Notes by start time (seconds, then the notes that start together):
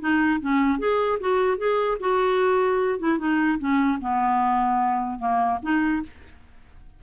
0.00 D#4
0.41 C#4
0.79 G#4
1.20 F#4
1.58 G#4
2.00 F#4
2.99 E4
3.19 D#4
3.59 C#4
4.01 B3
5.19 A#3
5.63 D#4